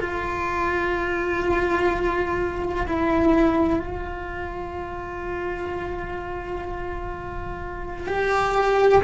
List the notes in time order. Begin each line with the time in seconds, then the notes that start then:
0.00 F4
2.87 E4
3.79 F4
8.06 G4